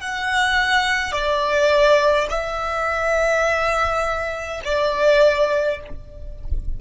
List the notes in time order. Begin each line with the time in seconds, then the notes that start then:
0.00 F#5
1.12 D5
2.30 E5
4.64 D5